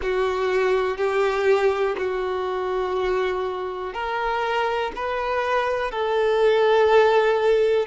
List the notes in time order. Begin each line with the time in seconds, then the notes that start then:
0.01 F#4
0.97 G4
1.97 F#4
3.93 A#4
4.95 B4
5.91 A4